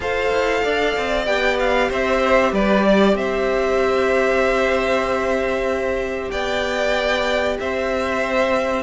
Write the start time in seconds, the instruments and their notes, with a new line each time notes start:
0.00 cello F4, viola A4, violin C5 F5
0.31 cello E4
0.63 cello D4, violin D5
0.96 cello C4
1.25 cello B3, viola G4, violin G5
1.59 violin F5
1.89 cello C4, violin C5 E5
2.52 cello G3, violin B4 D5
2.86 violin D5
3.13 cello C4, violin C5 E5
6.30 cello B3, violin D5 G5
7.59 cello C4, violin C5 E5